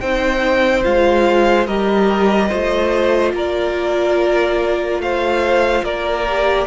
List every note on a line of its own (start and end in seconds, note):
0.00 0.85 C4
0.00 0.84 D#4
0.00 1.67 C5
0.00 0.83 G5
0.84 1.67 G#3
0.84 1.67 F4
0.84 1.67 F5
1.67 2.50 G3
1.67 2.50 G4
1.67 2.48 A#4
1.67 3.34 D#5
2.48 3.33 A3
2.48 6.25 F4
2.48 3.32 C5
3.33 4.99 A#3
3.33 5.01 A#4
3.33 5.01 D5
4.99 5.82 A3
4.99 5.84 C5
4.99 5.84 F5
5.83 6.66 A#3
5.83 6.67 A#4
5.83 6.67 D5
6.28 6.67 G4